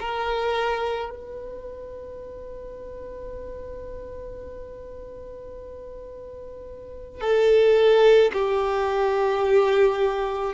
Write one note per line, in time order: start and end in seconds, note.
0.00 1.10 A#4
1.10 7.20 B4
7.20 8.31 A4
8.33 10.54 G4